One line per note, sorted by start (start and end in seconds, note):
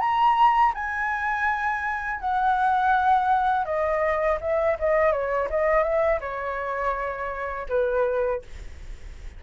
0.00 0.73 A#5
0.75 2.20 G#5
2.20 3.66 F#5
3.66 4.39 D#5
4.41 4.78 E5
4.79 5.12 D#5
5.12 5.49 C#5
5.50 5.83 D#5
5.83 6.20 E5
6.21 7.67 C#5
7.69 8.42 B4